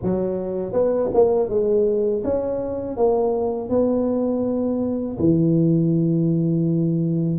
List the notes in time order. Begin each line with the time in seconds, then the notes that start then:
0.02 F#3
0.72 B3
1.14 A#3
1.49 G#3
2.24 C#4
2.96 A#3
3.69 B3
5.19 E3